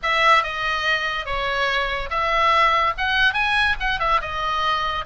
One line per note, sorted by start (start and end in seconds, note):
0.02 0.43 E5
0.43 1.25 D#5
1.25 2.09 C#5
2.09 2.93 E5
2.97 3.33 F#5
3.33 3.75 G#5
3.80 3.99 F#5
3.99 4.20 E5
4.21 5.05 D#5